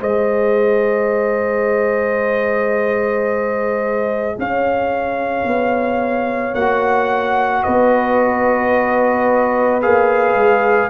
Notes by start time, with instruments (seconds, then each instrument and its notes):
0.00 tuba G#3, trombone G#4, horn C5, trumpet D#5
4.38 tuba C#4, horn C#5, trumpet F5
5.44 tuba B3
6.54 tuba A#3, trombone F#4, trumpet F#5
7.63 tuba B3, horn B4, trumpet D#5
9.82 tuba A#3, trombone G#4, trumpet F5
10.34 tuba G#3